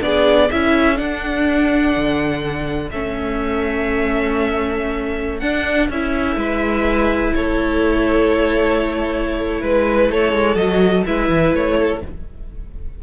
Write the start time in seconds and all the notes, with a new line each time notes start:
0.00 B3 D4 G#4 D5
0.50 C#4 E4 A4 E5
0.96 D4 F#5
1.96 D3
2.91 A3 C#4 E5
5.39 D4 F#5
5.89 C#4 E4 E5
6.36 G#3 B4
7.35 A3 A4 C#5
9.61 G#3 B4
10.10 A3 A4 C#5
10.33 G#3
10.55 F#3 F#4 D#5
11.05 G#3 E4 B4 E5
11.29 E3
11.53 A3 C#5
11.77 A4